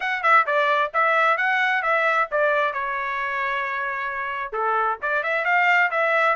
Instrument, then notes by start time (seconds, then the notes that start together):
trumpet
0.00 F#5
0.23 E5
0.46 D5
0.93 E5
1.37 F#5
1.82 E5
2.31 D5
2.73 C#5
4.52 A4
5.01 D5
5.23 E5
5.44 F5
5.90 E5